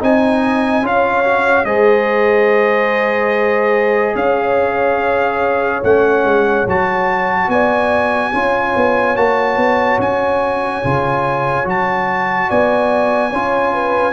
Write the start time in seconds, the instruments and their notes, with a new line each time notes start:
0.00 tuba C4, trombone D#4, horn D#5, trumpet G#5
0.82 tuba C#4, trombone F4, horn C#5, trumpet F5
1.25 trombone F#4
1.64 tuba G#3, trombone G#4, horn C5, trumpet D#5
4.15 tuba C#4, horn C#5, trumpet F5
5.84 tuba A3, trombone C#4, trumpet F#5
6.25 tuba G#3
6.67 tuba F#3, trombone F#4, trumpet A5
7.48 tuba B3, horn D5, trumpet G#5
8.32 tuba C#4, trombone F4, horn C#5
8.76 tuba B3
9.16 tuba A#3, trombone F#4, trumpet A5
9.57 tuba B3
9.99 tuba C#4, trumpet G#5
10.84 tuba C#3, trombone F4
11.64 tuba F#3, trombone F#4, trumpet A5
12.49 tuba B3, horn D5, trumpet G#5
13.31 tuba C#4, trombone F4, horn C#5
13.73 horn B4